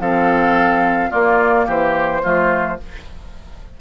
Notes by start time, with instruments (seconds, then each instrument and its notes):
0.00 bassoon F3, clarinet C4, oboe A4, flute F5
1.10 clarinet A#3, bassoon A#3, oboe F4, flute D5
1.66 bassoon E3, oboe G4, flute C5
2.22 bassoon F3, clarinet A3, oboe F4